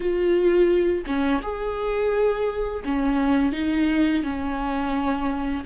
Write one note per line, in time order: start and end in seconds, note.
0.00 1.05 F4
1.06 1.41 C#4
1.41 2.83 G#4
2.84 3.52 C#4
3.52 4.23 D#4
4.23 5.64 C#4